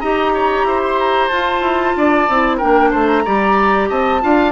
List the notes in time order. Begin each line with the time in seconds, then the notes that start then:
0.00 D#4 G4 D#5 A#5
0.34 C#5
0.64 E4 C5
0.83 C6
0.99 A#5
1.28 F4 A5
1.61 E4
1.96 D4 D5
2.29 C4 E4
2.57 A#3 D4 A#4 G5
2.91 A3 C5 A5
3.07 A#5
3.25 G3 G4 D5
3.89 C4 D#5 A5
4.22 D4 F4 F5